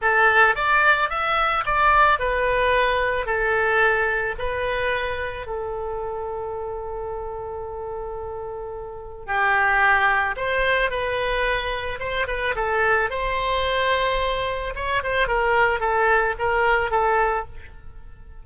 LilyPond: \new Staff \with { instrumentName = "oboe" } { \time 4/4 \tempo 4 = 110 a'4 d''4 e''4 d''4 | b'2 a'2 | b'2 a'2~ | a'1~ |
a'4 g'2 c''4 | b'2 c''8 b'8 a'4 | c''2. cis''8 c''8 | ais'4 a'4 ais'4 a'4 | }